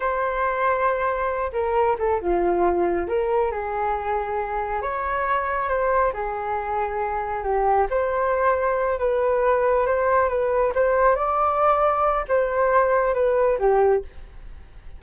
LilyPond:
\new Staff \with { instrumentName = "flute" } { \time 4/4 \tempo 4 = 137 c''2.~ c''8 ais'8~ | ais'8 a'8 f'2 ais'4 | gis'2. cis''4~ | cis''4 c''4 gis'2~ |
gis'4 g'4 c''2~ | c''8 b'2 c''4 b'8~ | b'8 c''4 d''2~ d''8 | c''2 b'4 g'4 | }